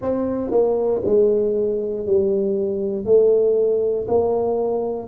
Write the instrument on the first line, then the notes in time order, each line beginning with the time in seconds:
tuba
0.01 C4
0.50 A#3
1.04 G#3
2.06 G3
3.05 A3
4.07 A#3